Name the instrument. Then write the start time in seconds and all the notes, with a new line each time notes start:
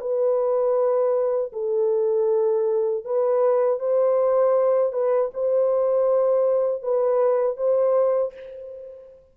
horn
0.00 B4
1.53 A4
3.04 B4
3.79 C5
4.93 B4
5.34 C5
6.83 B4
7.57 C5